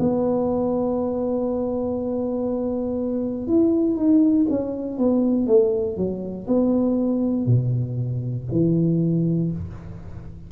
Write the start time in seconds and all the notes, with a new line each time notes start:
0.00 B3
3.48 E4
3.96 D#4
4.50 C#4
4.99 B3
5.47 A3
5.97 F#3
6.48 B3
7.46 B2
8.52 E3